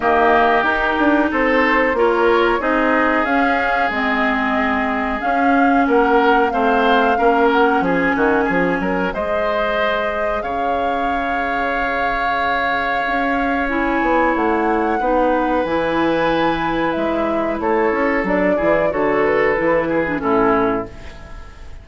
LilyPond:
<<
  \new Staff \with { instrumentName = "flute" } { \time 4/4 \tempo 4 = 92 dis''4 ais'4 c''4 cis''4 | dis''4 f''4 dis''2 | f''4 fis''4 f''4. fis''8 | gis''2 dis''2 |
f''1~ | f''4 gis''4 fis''2 | gis''2 e''4 cis''4 | d''4 cis''8 b'4. a'4 | }
  \new Staff \with { instrumentName = "oboe" } { \time 4/4 g'2 a'4 ais'4 | gis'1~ | gis'4 ais'4 c''4 ais'4 | gis'8 fis'8 gis'8 ais'8 c''2 |
cis''1~ | cis''2. b'4~ | b'2. a'4~ | a'8 gis'8 a'4. gis'8 e'4 | }
  \new Staff \with { instrumentName = "clarinet" } { \time 4/4 ais4 dis'2 f'4 | dis'4 cis'4 c'2 | cis'2 c'4 cis'4~ | cis'2 gis'2~ |
gis'1~ | gis'4 e'2 dis'4 | e'1 | d'8 e'8 fis'4 e'8. d'16 cis'4 | }
  \new Staff \with { instrumentName = "bassoon" } { \time 4/4 dis4 dis'8 d'8 c'4 ais4 | c'4 cis'4 gis2 | cis'4 ais4 a4 ais4 | f8 dis8 f8 fis8 gis2 |
cis1 | cis'4. b8 a4 b4 | e2 gis4 a8 cis'8 | fis8 e8 d4 e4 a,4 | }
>>